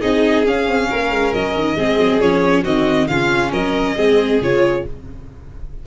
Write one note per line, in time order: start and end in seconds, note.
0.00 0.46 C4
0.00 0.44 D#4
0.00 0.88 G#4
0.00 0.45 D#5
0.45 1.76 C#4
0.45 0.68 C#4
0.45 1.33 F5
0.68 0.89 C4
0.89 1.10 A#3
0.89 1.76 A#4
1.10 1.32 G#3
1.33 1.55 F#3
1.33 2.20 D#5
1.55 1.75 D#3
1.75 1.97 G#3
1.75 2.21 C4
1.75 2.63 G#4
1.97 2.19 F#3
2.20 2.64 F3
2.20 2.64 C#4
2.20 2.64 C#5
2.63 3.08 D#3
2.63 3.07 C4
2.63 3.07 F#4
2.63 3.07 D#5
3.07 3.52 C#3
3.07 3.97 C#4
3.07 3.51 F4
3.07 3.51 F5
3.51 3.95 F#3
3.51 3.95 A#4
3.51 4.41 D#5
3.95 4.40 G#3
3.95 4.40 C4
3.95 4.83 G#4
4.41 4.85 C#3
4.41 4.86 F4
4.41 4.86 C#5